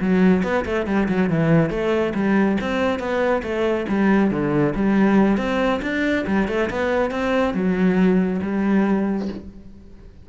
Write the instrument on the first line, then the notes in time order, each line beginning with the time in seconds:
cello
0.00 F#3
0.43 B3
0.65 A3
0.86 G3
1.08 F#3
1.29 E3
1.70 A3
2.14 G3
2.60 C4
2.99 B3
3.42 A3
3.88 G3
4.30 D3
4.75 G3
5.37 C4
5.82 D4
6.26 G3
6.48 A3
6.69 B3
7.10 C4
7.54 F#3
8.42 G3